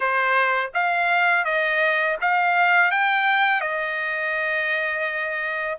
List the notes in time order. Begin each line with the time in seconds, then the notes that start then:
0.00 C5
0.74 F5
1.44 D#5
2.21 F5
2.91 G5
3.60 D#5